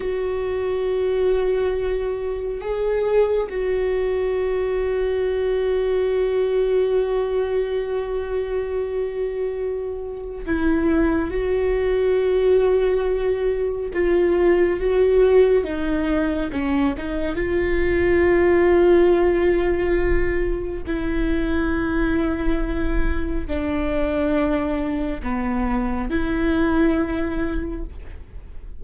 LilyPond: \new Staff \with { instrumentName = "viola" } { \time 4/4 \tempo 4 = 69 fis'2. gis'4 | fis'1~ | fis'1 | e'4 fis'2. |
f'4 fis'4 dis'4 cis'8 dis'8 | f'1 | e'2. d'4~ | d'4 b4 e'2 | }